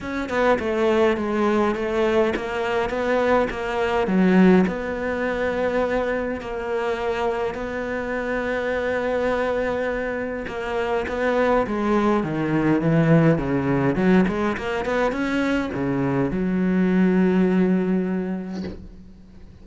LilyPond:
\new Staff \with { instrumentName = "cello" } { \time 4/4 \tempo 4 = 103 cis'8 b8 a4 gis4 a4 | ais4 b4 ais4 fis4 | b2. ais4~ | ais4 b2.~ |
b2 ais4 b4 | gis4 dis4 e4 cis4 | fis8 gis8 ais8 b8 cis'4 cis4 | fis1 | }